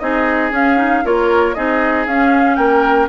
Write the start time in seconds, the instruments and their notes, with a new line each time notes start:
0.00 bassoon C4, clarinet D#4, oboe G#4, flute D#5
0.51 bassoon C#4, clarinet C#4, flute F5
0.78 clarinet D#4
1.04 bassoon A#3, clarinet F4, oboe A#4, flute C#5
1.54 bassoon C4, clarinet D#4, oboe G#4, flute D#5
2.07 bassoon C#4, clarinet C#4, flute F5
2.56 bassoon A#3, oboe A#4, flute G5